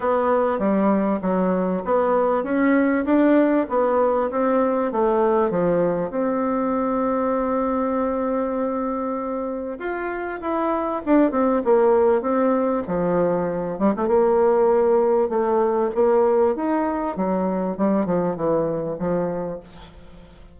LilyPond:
\new Staff \with { instrumentName = "bassoon" } { \time 4/4 \tempo 4 = 98 b4 g4 fis4 b4 | cis'4 d'4 b4 c'4 | a4 f4 c'2~ | c'1 |
f'4 e'4 d'8 c'8 ais4 | c'4 f4. g16 a16 ais4~ | ais4 a4 ais4 dis'4 | fis4 g8 f8 e4 f4 | }